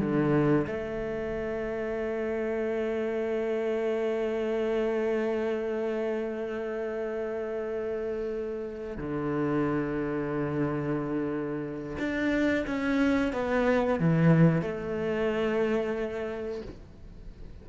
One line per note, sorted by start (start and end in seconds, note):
0.00 0.67 D3
0.67 8.97 A3
8.97 11.97 D3
11.99 12.65 D4
12.67 13.33 C#4
13.33 14.00 B3
14.00 14.62 E3
14.62 16.62 A3